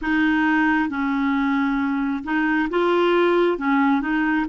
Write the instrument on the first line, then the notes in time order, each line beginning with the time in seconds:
clarinet
0.01 D#4
0.89 C#4
2.24 D#4
2.69 F4
3.58 C#4
4.01 D#4